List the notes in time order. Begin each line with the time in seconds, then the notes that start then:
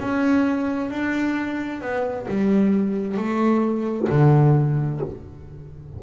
0.00 C#4
0.90 D4
1.81 B3
2.28 G3
3.17 A3
4.10 D3